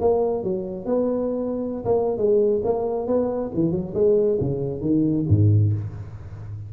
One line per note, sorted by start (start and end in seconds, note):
0.00 0.44 A#3
0.44 0.85 F#3
0.85 1.85 B3
1.85 2.17 A#3
2.17 2.61 G#3
2.64 3.07 A#3
3.07 3.51 B3
3.54 3.71 E3
3.71 3.93 F#3
3.94 4.38 G#3
4.40 4.81 C#3
4.81 5.25 D#3
5.29 5.73 G#2